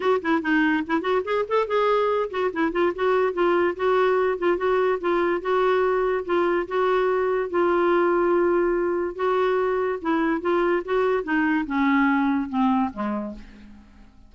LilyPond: \new Staff \with { instrumentName = "clarinet" } { \time 4/4 \tempo 4 = 144 fis'8 e'8 dis'4 e'8 fis'8 gis'8 a'8 | gis'4. fis'8 e'8 f'8 fis'4 | f'4 fis'4. f'8 fis'4 | f'4 fis'2 f'4 |
fis'2 f'2~ | f'2 fis'2 | e'4 f'4 fis'4 dis'4 | cis'2 c'4 gis4 | }